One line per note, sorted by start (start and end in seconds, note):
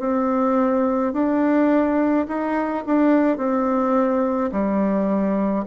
0.00 1.13 C4
1.13 2.26 D4
2.28 2.85 D#4
2.87 3.38 D4
3.38 4.51 C4
4.52 5.65 G3